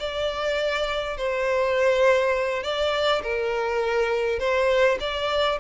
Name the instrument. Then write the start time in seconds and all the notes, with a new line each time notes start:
violin
0.00 D5
1.17 C5
2.64 D5
3.23 A#4
4.40 C5
5.00 D5